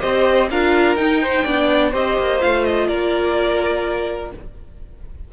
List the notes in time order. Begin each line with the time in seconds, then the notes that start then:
0.00 C4 G4 C5 D#5
0.50 D4 F4 A#4 F5
0.95 D#4 G5
1.22 C5
1.44 B3 D4 D5
1.91 C4 G4 C5 D#5
2.18 A#3
2.40 A3 F4 F5
2.64 D#5
2.87 A#3 A#4 D5